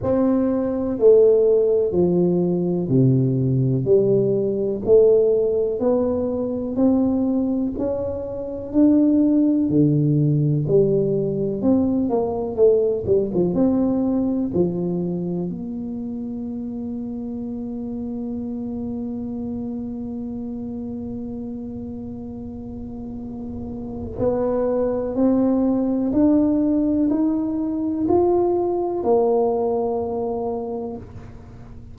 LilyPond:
\new Staff \with { instrumentName = "tuba" } { \time 4/4 \tempo 4 = 62 c'4 a4 f4 c4 | g4 a4 b4 c'4 | cis'4 d'4 d4 g4 | c'8 ais8 a8 g16 f16 c'4 f4 |
ais1~ | ais1~ | ais4 b4 c'4 d'4 | dis'4 f'4 ais2 | }